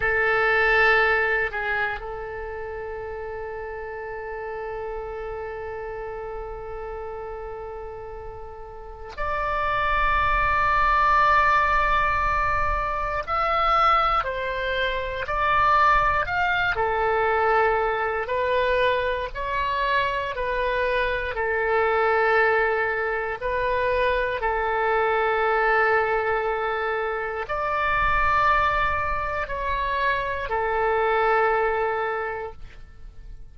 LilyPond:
\new Staff \with { instrumentName = "oboe" } { \time 4/4 \tempo 4 = 59 a'4. gis'8 a'2~ | a'1~ | a'4 d''2.~ | d''4 e''4 c''4 d''4 |
f''8 a'4. b'4 cis''4 | b'4 a'2 b'4 | a'2. d''4~ | d''4 cis''4 a'2 | }